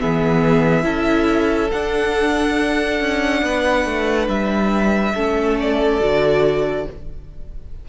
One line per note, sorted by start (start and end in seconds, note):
0.00 0.85 E3
0.00 0.83 B3
0.00 0.85 G#4
0.00 1.71 E5
0.83 1.71 C#4
0.83 1.69 E4
0.83 3.42 A4
1.71 5.16 D4
1.71 3.01 D4
1.71 4.28 F#5
3.01 3.43 C#4
3.43 3.86 B3
3.43 5.14 B4
3.86 4.28 A3
4.28 5.14 G3
4.28 5.57 E5
5.14 6.01 A3
5.14 6.01 C#4
5.14 6.85 A4
5.60 6.89 D5
6.01 6.86 D3
6.01 6.86 F#4